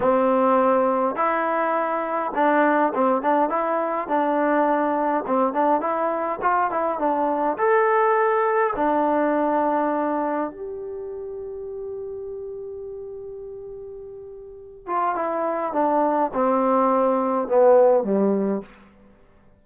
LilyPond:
\new Staff \with { instrumentName = "trombone" } { \time 4/4 \tempo 4 = 103 c'2 e'2 | d'4 c'8 d'8 e'4 d'4~ | d'4 c'8 d'8 e'4 f'8 e'8 | d'4 a'2 d'4~ |
d'2 g'2~ | g'1~ | g'4. f'8 e'4 d'4 | c'2 b4 g4 | }